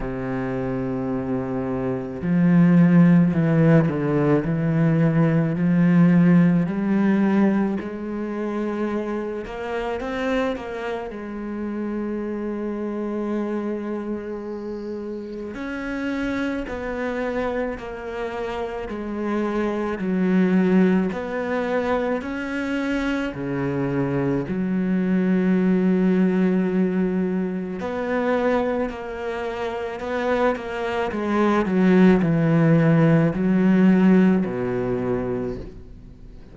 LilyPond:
\new Staff \with { instrumentName = "cello" } { \time 4/4 \tempo 4 = 54 c2 f4 e8 d8 | e4 f4 g4 gis4~ | gis8 ais8 c'8 ais8 gis2~ | gis2 cis'4 b4 |
ais4 gis4 fis4 b4 | cis'4 cis4 fis2~ | fis4 b4 ais4 b8 ais8 | gis8 fis8 e4 fis4 b,4 | }